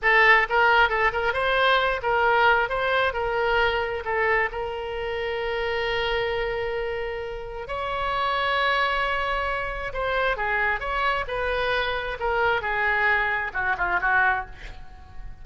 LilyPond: \new Staff \with { instrumentName = "oboe" } { \time 4/4 \tempo 4 = 133 a'4 ais'4 a'8 ais'8 c''4~ | c''8 ais'4. c''4 ais'4~ | ais'4 a'4 ais'2~ | ais'1~ |
ais'4 cis''2.~ | cis''2 c''4 gis'4 | cis''4 b'2 ais'4 | gis'2 fis'8 f'8 fis'4 | }